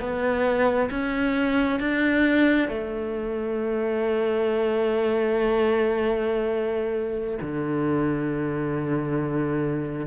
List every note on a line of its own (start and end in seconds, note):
0.00 0.90 B3
0.90 1.80 C#4
1.80 2.68 D4
2.68 7.38 A3
7.42 10.07 D3